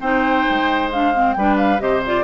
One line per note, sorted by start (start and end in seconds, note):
0.00 0.45 C4
0.00 0.92 D#4
0.00 1.36 C5
0.00 0.90 G5
0.49 1.36 G#3
0.92 1.14 D4
0.92 1.33 F5
1.14 1.36 C4
1.33 1.80 G3
1.33 1.79 D4
1.33 1.82 B4
1.33 1.55 G5
1.57 1.80 F5
1.79 2.23 C3
1.79 2.01 G4
1.79 2.23 C5
1.79 2.02 D#5
2.06 2.23 F4
2.06 2.23 D5